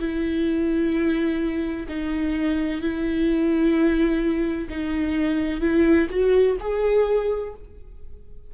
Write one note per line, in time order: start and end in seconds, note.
0.00 1.87 E4
1.89 2.82 D#4
2.82 4.69 E4
4.70 5.61 D#4
5.61 6.08 E4
6.10 6.57 F#4
6.61 7.54 G#4